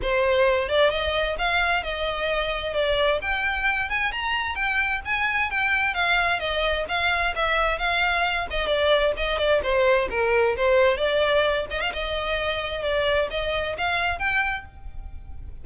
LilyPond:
\new Staff \with { instrumentName = "violin" } { \time 4/4 \tempo 4 = 131 c''4. d''8 dis''4 f''4 | dis''2 d''4 g''4~ | g''8 gis''8 ais''4 g''4 gis''4 | g''4 f''4 dis''4 f''4 |
e''4 f''4. dis''8 d''4 | dis''8 d''8 c''4 ais'4 c''4 | d''4. dis''16 f''16 dis''2 | d''4 dis''4 f''4 g''4 | }